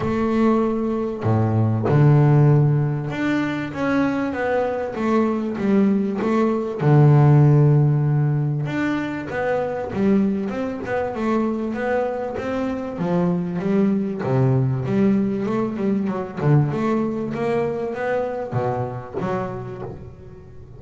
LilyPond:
\new Staff \with { instrumentName = "double bass" } { \time 4/4 \tempo 4 = 97 a2 a,4 d4~ | d4 d'4 cis'4 b4 | a4 g4 a4 d4~ | d2 d'4 b4 |
g4 c'8 b8 a4 b4 | c'4 f4 g4 c4 | g4 a8 g8 fis8 d8 a4 | ais4 b4 b,4 fis4 | }